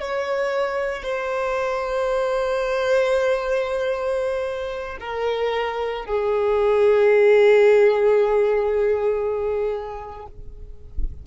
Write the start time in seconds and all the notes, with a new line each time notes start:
0.00 C#5
1.03 C5
5.00 A#4
6.05 G#4